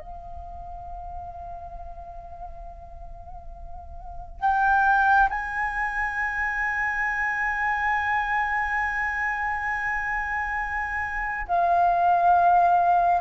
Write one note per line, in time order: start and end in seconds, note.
0.00 4.41 F5
4.41 5.29 G5
5.30 11.47 G#5
11.48 13.21 F5